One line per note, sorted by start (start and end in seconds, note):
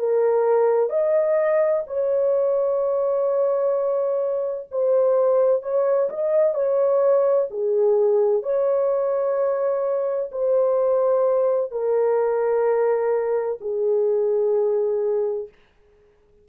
0.00 0.90 A#4
0.90 1.84 D#5
1.87 4.68 C#5
4.72 5.62 C5
5.62 6.09 C#5
6.10 6.55 D#5
6.55 7.48 C#5
7.51 8.43 G#4
8.43 10.31 C#5
10.32 11.72 C5
11.72 13.59 A#4
13.62 15.49 G#4